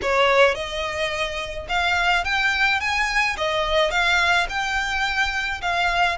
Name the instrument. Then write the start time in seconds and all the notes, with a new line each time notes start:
violin
0.02 C#5
0.55 D#5
1.68 F5
2.24 G5
2.80 G#5
3.37 D#5
3.90 F5
4.49 G5
5.61 F5